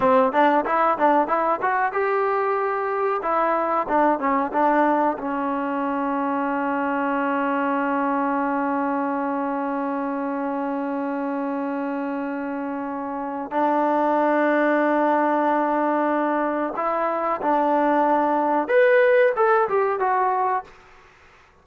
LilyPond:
\new Staff \with { instrumentName = "trombone" } { \time 4/4 \tempo 4 = 93 c'8 d'8 e'8 d'8 e'8 fis'8 g'4~ | g'4 e'4 d'8 cis'8 d'4 | cis'1~ | cis'1~ |
cis'1~ | cis'4 d'2.~ | d'2 e'4 d'4~ | d'4 b'4 a'8 g'8 fis'4 | }